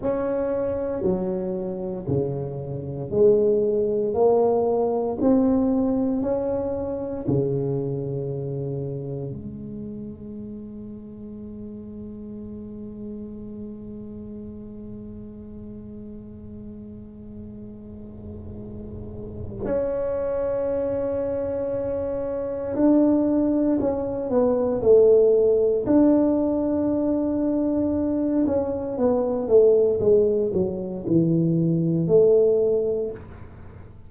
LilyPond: \new Staff \with { instrumentName = "tuba" } { \time 4/4 \tempo 4 = 58 cis'4 fis4 cis4 gis4 | ais4 c'4 cis'4 cis4~ | cis4 gis2.~ | gis1~ |
gis2. cis'4~ | cis'2 d'4 cis'8 b8 | a4 d'2~ d'8 cis'8 | b8 a8 gis8 fis8 e4 a4 | }